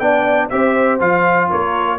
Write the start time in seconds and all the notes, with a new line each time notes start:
0.00 B3 D4 D5 G5
0.50 C4 G4 C5 E5
1.00 F3 F4 F5
1.50 A#3 A#4 C#5